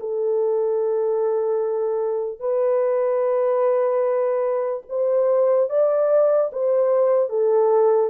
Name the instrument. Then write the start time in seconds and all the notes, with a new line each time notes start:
horn
0.00 A4
2.40 B4
4.89 C5
5.70 D5
6.52 C5
7.29 A4